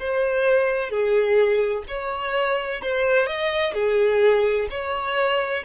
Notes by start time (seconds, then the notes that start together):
0.00 C5
0.91 G#4
1.88 C#5
2.82 C5
3.27 D#5
3.75 G#4
4.70 C#5